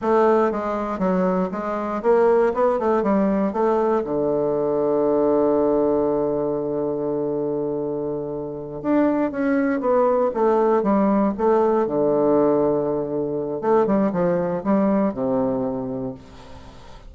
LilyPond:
\new Staff \with { instrumentName = "bassoon" } { \time 4/4 \tempo 4 = 119 a4 gis4 fis4 gis4 | ais4 b8 a8 g4 a4 | d1~ | d1~ |
d4. d'4 cis'4 b8~ | b8 a4 g4 a4 d8~ | d2. a8 g8 | f4 g4 c2 | }